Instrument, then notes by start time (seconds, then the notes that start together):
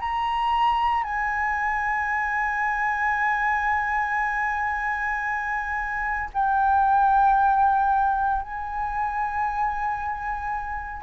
flute
0.00 A#5
1.04 G#5
6.34 G5
8.42 G#5